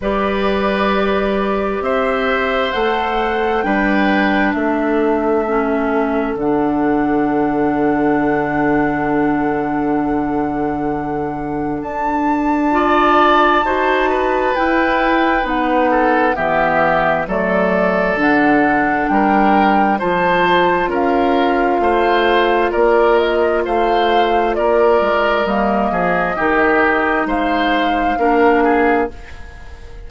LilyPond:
<<
  \new Staff \with { instrumentName = "flute" } { \time 4/4 \tempo 4 = 66 d''2 e''4 fis''4 | g''4 e''2 fis''4~ | fis''1~ | fis''4 a''2. |
g''4 fis''4 e''4 d''4 | fis''4 g''4 a''4 f''4~ | f''4 d''8 dis''8 f''4 d''4 | dis''2 f''2 | }
  \new Staff \with { instrumentName = "oboe" } { \time 4/4 b'2 c''2 | b'4 a'2.~ | a'1~ | a'2 d''4 c''8 b'8~ |
b'4. a'8 g'4 a'4~ | a'4 ais'4 c''4 ais'4 | c''4 ais'4 c''4 ais'4~ | ais'8 gis'8 g'4 c''4 ais'8 gis'8 | }
  \new Staff \with { instrumentName = "clarinet" } { \time 4/4 g'2. a'4 | d'2 cis'4 d'4~ | d'1~ | d'2 f'4 fis'4 |
e'4 dis'4 b4 a4 | d'2 f'2~ | f'1 | ais4 dis'2 d'4 | }
  \new Staff \with { instrumentName = "bassoon" } { \time 4/4 g2 c'4 a4 | g4 a2 d4~ | d1~ | d4 d'2 dis'4 |
e'4 b4 e4 fis4 | d4 g4 f4 cis'4 | a4 ais4 a4 ais8 gis8 | g8 f8 dis4 gis4 ais4 | }
>>